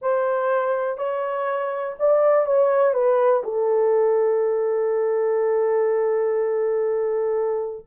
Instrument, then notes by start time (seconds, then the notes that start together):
horn
0.01 C5
0.97 C#5
1.99 D5
2.46 C#5
2.93 B4
3.43 A4